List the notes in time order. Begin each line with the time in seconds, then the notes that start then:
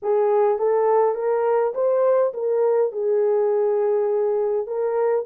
0.02 G#4
0.58 A4
1.14 A#4
1.74 C5
2.33 A#4
2.92 G#4
4.67 A#4